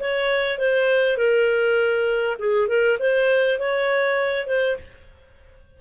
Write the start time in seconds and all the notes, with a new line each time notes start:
0.00 C#5
0.58 C5
1.17 A#4
2.39 G#4
2.68 A#4
2.99 C5
3.59 C#5
4.47 C5